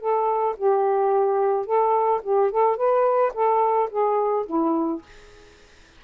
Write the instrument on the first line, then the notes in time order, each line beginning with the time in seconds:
saxophone
0.00 A4
0.57 G4
1.66 A4
2.23 G4
2.51 A4
2.77 B4
3.34 A4
3.90 G#4
4.46 E4